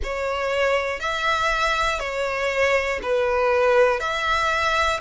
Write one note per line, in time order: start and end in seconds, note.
0.03 1.00 C#5
1.00 1.99 E5
1.99 2.99 C#5
3.02 4.00 B4
4.00 5.00 E5